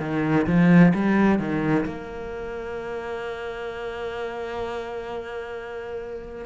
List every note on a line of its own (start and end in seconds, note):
0.00 0.46 D#3
0.47 0.93 F3
0.94 1.38 G3
1.38 1.85 D#3
1.85 6.45 A#3